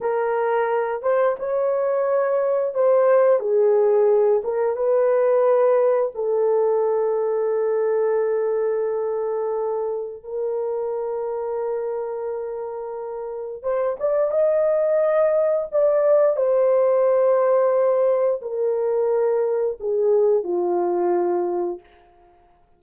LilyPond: \new Staff \with { instrumentName = "horn" } { \time 4/4 \tempo 4 = 88 ais'4. c''8 cis''2 | c''4 gis'4. ais'8 b'4~ | b'4 a'2.~ | a'2. ais'4~ |
ais'1 | c''8 d''8 dis''2 d''4 | c''2. ais'4~ | ais'4 gis'4 f'2 | }